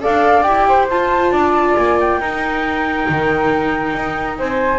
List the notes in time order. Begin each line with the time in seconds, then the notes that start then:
0.00 D4 A4 D5 F5
0.43 E4 G4 G5
0.68 C5
0.90 F4 A5
1.32 D4 D5
1.76 A#3 G#5
2.00 G5
2.20 D#4 A#4
3.09 D#3
3.95 D#4
4.38 C4 C5 G#5